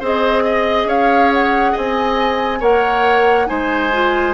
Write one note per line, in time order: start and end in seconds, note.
0.00 0.86 C4
0.00 2.61 G#4
0.00 0.43 C5
0.00 0.89 D#5
0.45 0.88 D#5
0.86 1.72 C#4
0.86 1.72 C#5
0.86 1.33 F5
1.34 1.77 F#5
1.72 2.61 C4
1.72 2.59 D#5
1.72 2.62 G#5
2.60 3.48 A#3
2.60 3.46 A#4
2.60 3.47 C#5
2.60 3.48 F#5
3.46 4.34 G#3
3.46 3.90 D#4
3.46 4.34 C5
3.46 4.34 G#5
3.93 4.34 F4